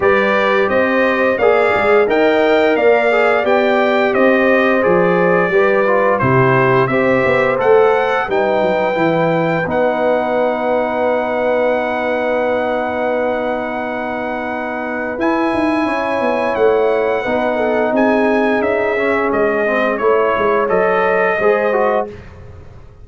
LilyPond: <<
  \new Staff \with { instrumentName = "trumpet" } { \time 4/4 \tempo 4 = 87 d''4 dis''4 f''4 g''4 | f''4 g''4 dis''4 d''4~ | d''4 c''4 e''4 fis''4 | g''2 fis''2~ |
fis''1~ | fis''2 gis''2 | fis''2 gis''4 e''4 | dis''4 cis''4 dis''2 | }
  \new Staff \with { instrumentName = "horn" } { \time 4/4 b'4 c''4 d''4 dis''4 | d''2 c''2 | b'4 g'4 c''2 | b'1~ |
b'1~ | b'2. cis''4~ | cis''4 b'8 a'8 gis'2~ | gis'4 cis''2 c''4 | }
  \new Staff \with { instrumentName = "trombone" } { \time 4/4 g'2 gis'4 ais'4~ | ais'8 gis'8 g'2 gis'4 | g'8 f'8 e'4 g'4 a'4 | dis'4 e'4 dis'2~ |
dis'1~ | dis'2 e'2~ | e'4 dis'2~ dis'8 cis'8~ | cis'8 c'8 e'4 a'4 gis'8 fis'8 | }
  \new Staff \with { instrumentName = "tuba" } { \time 4/4 g4 c'4 ais8 gis8 dis'4 | ais4 b4 c'4 f4 | g4 c4 c'8 b8 a4 | g8 fis8 e4 b2~ |
b1~ | b2 e'8 dis'8 cis'8 b8 | a4 b4 c'4 cis'4 | gis4 a8 gis8 fis4 gis4 | }
>>